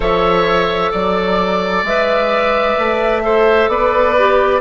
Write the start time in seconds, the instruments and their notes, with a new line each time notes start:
0.00 bassoon F3, clarinet A4, oboe C#5, flute E5
0.91 bassoon F#3, oboe D5, flute D5
1.83 bassoon G#3, clarinet B4, flute E5
2.78 bassoon A3
3.22 clarinet A4, oboe C5
3.67 bassoon B3, oboe B4, flute D5
4.18 clarinet G4